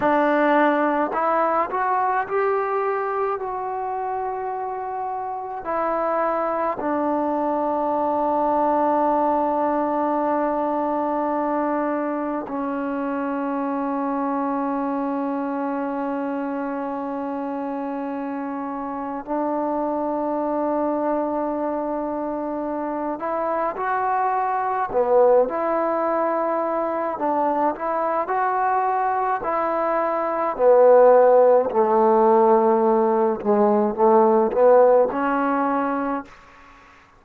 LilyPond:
\new Staff \with { instrumentName = "trombone" } { \time 4/4 \tempo 4 = 53 d'4 e'8 fis'8 g'4 fis'4~ | fis'4 e'4 d'2~ | d'2. cis'4~ | cis'1~ |
cis'4 d'2.~ | d'8 e'8 fis'4 b8 e'4. | d'8 e'8 fis'4 e'4 b4 | a4. gis8 a8 b8 cis'4 | }